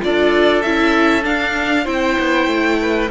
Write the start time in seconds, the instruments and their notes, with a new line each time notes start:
0.00 cello D4, viola F4, oboe A4, violin D5
0.62 cello C#4, viola E4, violin E5
1.22 viola D4, cello D4, violin F5
1.84 cello C4, viola E4, oboe C5, violin G5
2.19 cello B3
2.46 cello A3
2.81 oboe B4